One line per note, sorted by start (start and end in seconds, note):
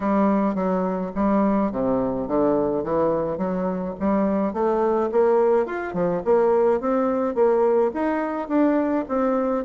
0.00 0.54 G3
0.54 1.11 F#3
1.15 1.71 G3
1.71 2.27 C3
2.27 2.83 D3
2.83 3.37 E3
3.37 3.94 F#3
3.99 4.53 G3
4.53 5.09 A3
5.11 5.66 A#3
5.66 5.93 F4
5.93 6.22 F3
6.24 6.80 A#3
6.80 7.34 C4
7.34 7.91 A#3
7.94 8.48 D#4
8.48 9.05 D4
9.08 9.64 C4